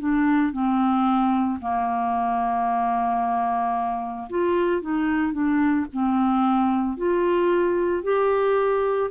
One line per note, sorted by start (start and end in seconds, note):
0.00 0.53 D4
0.53 1.60 C4
1.61 4.29 A#3
4.30 4.82 F4
4.82 5.33 D#4
5.33 5.86 D4
5.93 6.98 C4
6.98 8.04 F4
8.04 9.11 G4